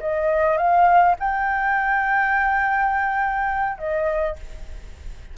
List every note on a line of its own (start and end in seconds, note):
0.00 0.57 D#5
0.57 1.15 F5
1.19 3.78 G5
3.78 4.35 D#5